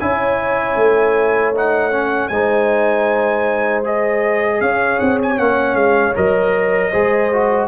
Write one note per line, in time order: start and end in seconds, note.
0.00 0.76 C#4
0.00 1.55 E4
0.00 2.31 C#5
0.00 1.54 G#5
0.76 2.29 A3
1.55 1.92 D#4
1.55 2.28 F#5
1.92 2.30 C#4
2.28 4.61 G#3
2.28 3.84 D#4
2.28 4.61 C5
2.28 3.82 G#5
3.84 5.37 G#4
3.84 4.61 D#5
4.61 5.00 C#4
4.61 6.91 C#5
4.61 4.99 F5
4.99 5.39 C4
4.99 5.19 F#5
5.22 5.39 G#5
5.37 5.74 A#3
5.37 6.14 C#4
5.37 5.76 F#5
5.74 6.13 G#3
5.74 6.14 F5
6.15 6.94 F#3
6.15 6.92 A#4
6.15 7.68 D#5
6.91 7.68 G#3
6.91 7.32 G#4
6.91 7.68 C5
7.33 7.68 F#4